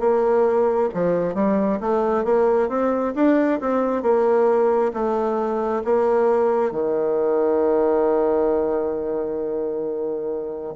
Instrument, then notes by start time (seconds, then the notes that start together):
bassoon
0.00 A#3
0.94 F3
1.35 G3
1.81 A3
2.25 A#3
2.69 C4
3.15 D4
3.61 C4
4.03 A#3
4.94 A3
5.85 A#3
6.72 D#3